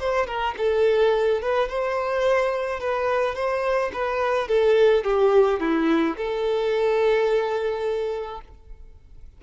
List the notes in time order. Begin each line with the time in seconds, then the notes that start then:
0.00 C5
0.27 A#4
0.58 A4
1.42 B4
1.69 C5
2.80 B4
3.35 C5
3.94 B4
4.48 A4
5.04 G4
5.60 E4
6.17 A4